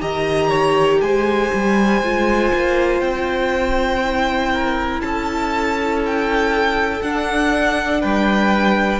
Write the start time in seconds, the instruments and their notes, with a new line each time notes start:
0.00 cello D#3, viola G4, violin D#5 A#5
0.49 violin C#5
1.01 cello G#3, violin C5 G#5
1.54 cello G3
2.02 cello G#3, viola F4
2.53 cello A#3
3.00 cello C4, violin G5
4.02 viola E4
4.52 violin A#4
5.01 cello C#4, violin A4 A5
6.06 violin G5
7.02 viola D4, cello D4, violin F#5
8.01 cello G3, violin B4 G5